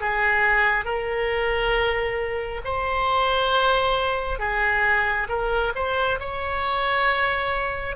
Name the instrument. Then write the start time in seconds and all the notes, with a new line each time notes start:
oboe
0.00 G#4
0.85 A#4
2.64 C5
4.39 G#4
5.28 A#4
5.75 C5
6.19 C#5